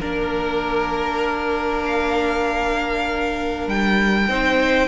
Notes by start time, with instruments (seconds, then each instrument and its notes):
0.00 cello A#3, viola D4, violin A#4
1.86 violin F5
3.68 cello G3, violin G5
4.29 cello C4, viola D#4, violin C5